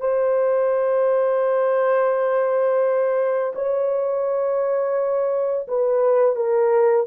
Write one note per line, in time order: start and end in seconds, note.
0.00 3.53 C5
3.55 5.67 C#5
5.67 6.36 B4
6.36 7.06 A#4